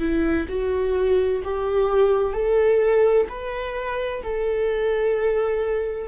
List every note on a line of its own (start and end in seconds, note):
0.00 0.47 E4
0.49 1.43 F#4
1.44 2.34 G4
2.34 3.27 A4
3.29 4.23 B4
4.24 6.09 A4